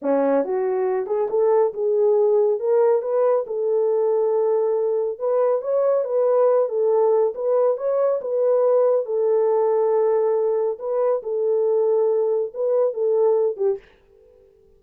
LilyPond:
\new Staff \with { instrumentName = "horn" } { \time 4/4 \tempo 4 = 139 cis'4 fis'4. gis'8 a'4 | gis'2 ais'4 b'4 | a'1 | b'4 cis''4 b'4. a'8~ |
a'4 b'4 cis''4 b'4~ | b'4 a'2.~ | a'4 b'4 a'2~ | a'4 b'4 a'4. g'8 | }